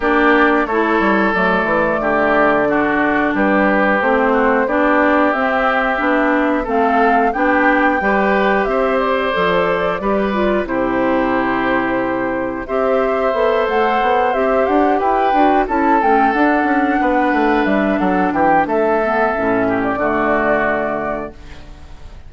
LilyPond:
<<
  \new Staff \with { instrumentName = "flute" } { \time 4/4 \tempo 4 = 90 d''4 cis''4 d''2~ | d''4 b'4 c''4 d''4 | e''2 f''4 g''4~ | g''4 e''8 d''2~ d''8 |
c''2. e''4~ | e''8 fis''4 e''8 fis''8 g''4 a''8 | g''8 fis''2 e''8 fis''8 g''8 | e''4.~ e''16 d''2~ d''16 | }
  \new Staff \with { instrumentName = "oboe" } { \time 4/4 g'4 a'2 g'4 | fis'4 g'4. fis'8 g'4~ | g'2 a'4 g'4 | b'4 c''2 b'4 |
g'2. c''4~ | c''2~ c''8 b'4 a'8~ | a'4. b'4. a'8 g'8 | a'4. g'8 fis'2 | }
  \new Staff \with { instrumentName = "clarinet" } { \time 4/4 d'4 e'4 a2 | d'2 c'4 d'4 | c'4 d'4 c'4 d'4 | g'2 a'4 g'8 f'8 |
e'2. g'4 | a'4. g'4. fis'8 e'8 | cis'8 d'2.~ d'8~ | d'8 b8 cis'4 a2 | }
  \new Staff \with { instrumentName = "bassoon" } { \time 4/4 ais4 a8 g8 fis8 e8 d4~ | d4 g4 a4 b4 | c'4 b4 a4 b4 | g4 c'4 f4 g4 |
c2. c'4 | b8 a8 b8 c'8 d'8 e'8 d'8 cis'8 | a8 d'8 cis'8 b8 a8 g8 fis8 e8 | a4 a,4 d2 | }
>>